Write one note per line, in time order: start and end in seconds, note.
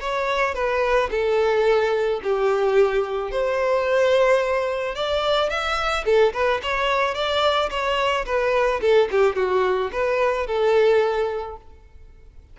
0.00 0.54 C#5
0.54 1.09 B4
1.10 2.21 A4
2.23 3.31 G4
3.31 4.95 C5
4.95 5.49 D5
5.49 6.05 E5
6.05 6.33 A4
6.33 6.61 B4
6.62 7.14 C#5
7.14 7.69 D5
7.70 8.25 C#5
8.25 8.80 B4
8.81 9.09 A4
9.11 9.36 G4
9.36 9.91 F#4
9.92 10.46 B4
10.46 11.56 A4